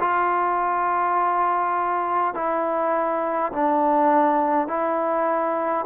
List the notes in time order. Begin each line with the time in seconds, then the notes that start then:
0.00 F4
2.35 E4
3.52 D4
4.68 E4